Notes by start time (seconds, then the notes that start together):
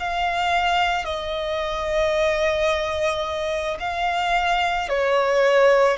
0.00 F5
1.05 D#5
3.80 F5
4.89 C#5